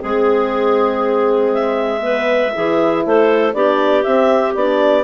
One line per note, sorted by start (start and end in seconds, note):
0.00 2.56 G#3
0.00 2.01 C4
0.00 1.53 G#4
0.00 2.03 G#4
1.55 3.06 E5
2.01 2.52 B3
2.01 2.53 B4
2.53 3.06 E3
2.53 3.54 E4
2.53 3.06 G#4
3.06 3.54 A3
3.06 3.56 A4
3.06 3.54 C5
3.54 4.04 B3
3.54 4.05 D4
3.54 5.04 G4
3.54 4.04 D5
4.04 4.56 C4
4.04 4.55 C4
4.04 4.54 E5
4.55 5.04 B3
4.55 5.04 D4
4.55 5.04 D5